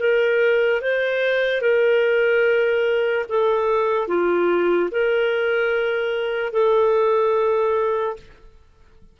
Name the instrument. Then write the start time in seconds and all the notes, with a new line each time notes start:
clarinet
0.00 A#4
0.82 C5
1.62 A#4
3.30 A4
4.08 F4
4.92 A#4
6.53 A4